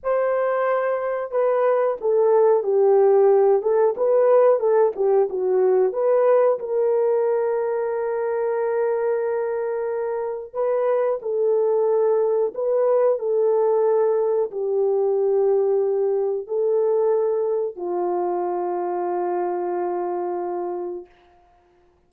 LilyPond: \new Staff \with { instrumentName = "horn" } { \time 4/4 \tempo 4 = 91 c''2 b'4 a'4 | g'4. a'8 b'4 a'8 g'8 | fis'4 b'4 ais'2~ | ais'1 |
b'4 a'2 b'4 | a'2 g'2~ | g'4 a'2 f'4~ | f'1 | }